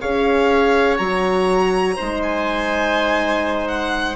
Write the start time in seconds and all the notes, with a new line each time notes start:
0.00 C#4 G#4 C#5 F5
0.97 F#3 F#4 A#5
1.95 G#3 D#4 C5
2.23 G#5
3.67 F#5